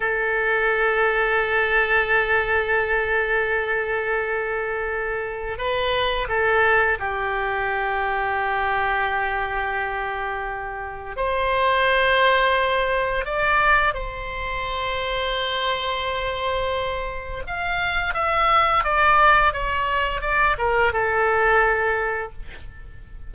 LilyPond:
\new Staff \with { instrumentName = "oboe" } { \time 4/4 \tempo 4 = 86 a'1~ | a'1 | b'4 a'4 g'2~ | g'1 |
c''2. d''4 | c''1~ | c''4 f''4 e''4 d''4 | cis''4 d''8 ais'8 a'2 | }